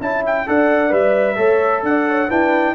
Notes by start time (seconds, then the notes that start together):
0.00 C#4 E4 E5 A5
0.26 G5
0.46 D4 A4 D5 F#5
0.89 G3 B4 E5
1.35 A3 A4 C#5
1.82 D4 D5 F#5
2.09 C#5
2.28 D4 E4 B4 G5